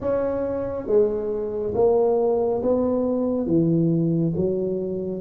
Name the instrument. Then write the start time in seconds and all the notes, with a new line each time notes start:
tuba
0.00 C#4
0.87 G#3
1.74 A#3
2.62 B3
3.46 E3
4.36 F#3